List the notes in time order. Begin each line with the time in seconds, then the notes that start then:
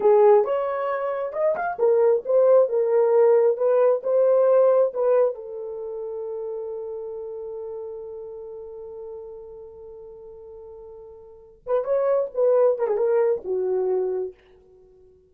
0.00 G#4
0.44 C#5
1.32 D#5
1.55 F5
1.78 A#4
2.25 C5
2.68 A#4
3.57 B4
4.03 C5
4.93 B4
5.34 A4
11.66 B4
11.84 C#5
12.34 B4
12.78 A#4
12.87 G#4
12.97 A#4
13.44 F#4